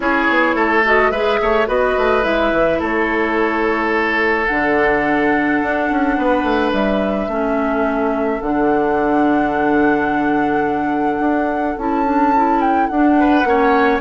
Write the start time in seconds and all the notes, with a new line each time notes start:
0.00 C#4 E4 G#4 C#5
0.29 B3
0.54 A3 A4
0.84 F#4 D#5
1.10 G#3 G#4 B4 E5
1.41 A3 C#5
1.66 B3 F#4 B4 D#5
1.97 A3
2.21 G#3 E4 E5
2.52 E3
2.79 A3 A4 C#5
4.46 D3 D4 F#5
5.62 D4
5.90 C#4
6.17 B3 B4
6.43 A3
6.72 G3 E5
7.27 A3 C#4 A4
8.41 D3 D4 F#5
11.19 D4
11.77 C#4 E4 A5
12.05 D4
12.35 E4
12.60 G5
12.87 D4 F#5
13.19 B4
13.44 A#3 C#4 C#5